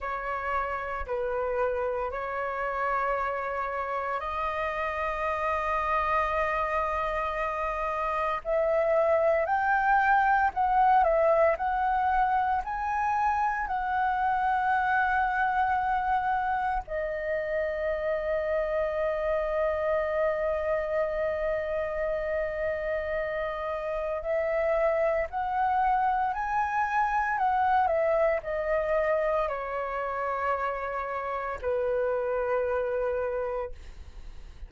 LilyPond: \new Staff \with { instrumentName = "flute" } { \time 4/4 \tempo 4 = 57 cis''4 b'4 cis''2 | dis''1 | e''4 g''4 fis''8 e''8 fis''4 | gis''4 fis''2. |
dis''1~ | dis''2. e''4 | fis''4 gis''4 fis''8 e''8 dis''4 | cis''2 b'2 | }